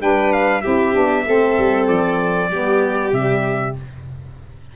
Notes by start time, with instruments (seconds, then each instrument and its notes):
0.00 tuba G3, saxophone D4, violin B4, trumpet G5
0.33 trumpet F5
0.62 tuba C4, saxophone E4, violin G4, trumpet E5
0.94 tuba B3, saxophone D4
1.26 tuba A3, saxophone C4, violin A4
1.58 tuba G3
1.88 tuba F3, trumpet D5
2.50 tuba G3, saxophone B3, violin G4
3.13 tuba C3, saxophone G3, trumpet E5